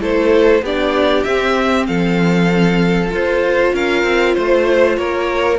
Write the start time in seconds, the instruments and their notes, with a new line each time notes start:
0.00 cello A3, viola E4, violin A4 C5
0.62 cello B3, viola D4, violin G4 D5
1.23 cello C4, viola C4, violin E5
1.87 cello F3, violin A4 F5
3.11 viola F4, cello F4, violin C5
3.73 cello C#4, violin A#4 F5
4.04 cello C4
4.34 cello A3, violin C5
4.96 cello A#3, violin A#4 C#5